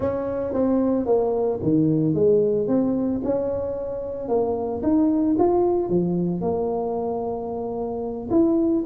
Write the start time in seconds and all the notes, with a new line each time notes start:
0.00 C#4
0.53 C4
1.06 A#3
1.62 D#3
2.14 G#3
2.67 C4
3.24 C#4
4.28 A#3
4.83 D#4
5.38 F4
5.89 F3
6.41 A#3
8.30 E4